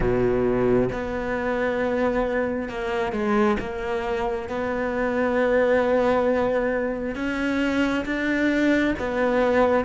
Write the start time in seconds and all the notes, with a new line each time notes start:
0.00 B2
0.92 B3
2.69 A#3
3.12 G#3
3.59 A#3
4.49 B3
7.15 C#4
8.05 D4
8.98 B3